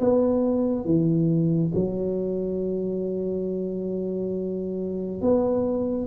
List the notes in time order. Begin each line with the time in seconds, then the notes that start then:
0.00 B3
0.85 E3
1.74 F#3
5.21 B3